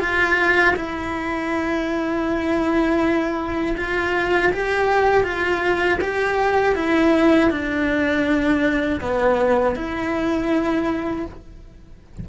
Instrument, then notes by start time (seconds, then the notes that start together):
cello
0.00 F4
0.76 E4
3.77 F4
4.52 G4
5.24 F4
6.01 G4
6.75 E4
7.50 D4
9.01 B3
9.75 E4